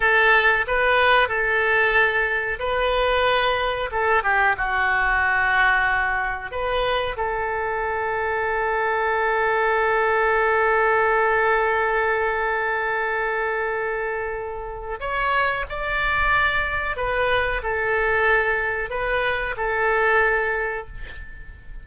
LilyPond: \new Staff \with { instrumentName = "oboe" } { \time 4/4 \tempo 4 = 92 a'4 b'4 a'2 | b'2 a'8 g'8 fis'4~ | fis'2 b'4 a'4~ | a'1~ |
a'1~ | a'2. cis''4 | d''2 b'4 a'4~ | a'4 b'4 a'2 | }